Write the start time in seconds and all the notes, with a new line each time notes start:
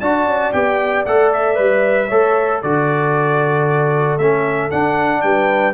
0.00 D4 F#4 D5 A5
0.26 C#4
0.52 B3 G4 G5
1.05 A3 A4 F#5
1.32 E5
1.55 G3 B4
2.07 A3 A4 C#5
2.61 D3 F#4 A4 D5
4.18 A3 C#4 E5
4.70 D4 F#5
5.21 G3 B4 G5